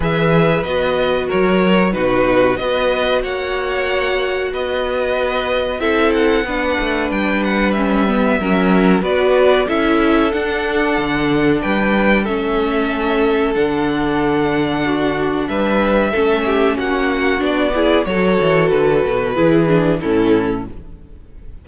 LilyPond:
<<
  \new Staff \with { instrumentName = "violin" } { \time 4/4 \tempo 4 = 93 e''4 dis''4 cis''4 b'4 | dis''4 fis''2 dis''4~ | dis''4 e''8 fis''4. g''8 fis''8 | e''2 d''4 e''4 |
fis''2 g''4 e''4~ | e''4 fis''2. | e''2 fis''4 d''4 | cis''4 b'2 a'4 | }
  \new Staff \with { instrumentName = "violin" } { \time 4/4 b'2 ais'4 fis'4 | b'4 cis''2 b'4~ | b'4 a'4 b'2~ | b'4 ais'4 b'4 a'4~ |
a'2 b'4 a'4~ | a'2. fis'4 | b'4 a'8 g'8 fis'4. gis'8 | a'2 gis'4 e'4 | }
  \new Staff \with { instrumentName = "viola" } { \time 4/4 gis'4 fis'2 dis'4 | fis'1~ | fis'4 e'4 d'2 | cis'8 b8 cis'4 fis'4 e'4 |
d'2. cis'4~ | cis'4 d'2.~ | d'4 cis'2 d'8 e'8 | fis'2 e'8 d'8 cis'4 | }
  \new Staff \with { instrumentName = "cello" } { \time 4/4 e4 b4 fis4 b,4 | b4 ais2 b4~ | b4 c'4 b8 a8 g4~ | g4 fis4 b4 cis'4 |
d'4 d4 g4 a4~ | a4 d2. | g4 a4 ais4 b4 | fis8 e8 d8 b,8 e4 a,4 | }
>>